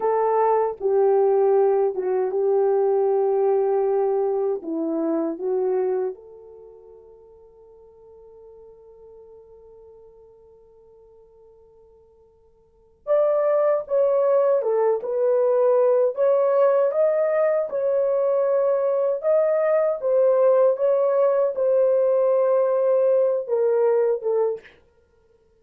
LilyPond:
\new Staff \with { instrumentName = "horn" } { \time 4/4 \tempo 4 = 78 a'4 g'4. fis'8 g'4~ | g'2 e'4 fis'4 | a'1~ | a'1~ |
a'4 d''4 cis''4 a'8 b'8~ | b'4 cis''4 dis''4 cis''4~ | cis''4 dis''4 c''4 cis''4 | c''2~ c''8 ais'4 a'8 | }